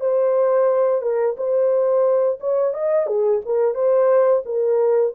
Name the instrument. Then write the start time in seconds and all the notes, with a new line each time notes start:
horn
0.00 C5
1.01 A#4
1.36 C5
2.40 C#5
2.73 D#5
3.06 G#4
3.45 A#4
3.74 C5
4.45 A#4